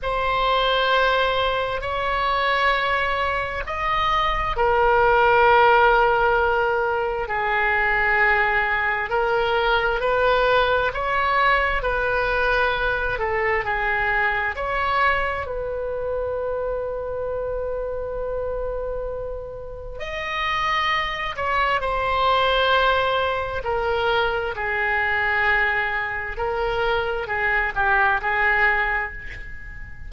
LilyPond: \new Staff \with { instrumentName = "oboe" } { \time 4/4 \tempo 4 = 66 c''2 cis''2 | dis''4 ais'2. | gis'2 ais'4 b'4 | cis''4 b'4. a'8 gis'4 |
cis''4 b'2.~ | b'2 dis''4. cis''8 | c''2 ais'4 gis'4~ | gis'4 ais'4 gis'8 g'8 gis'4 | }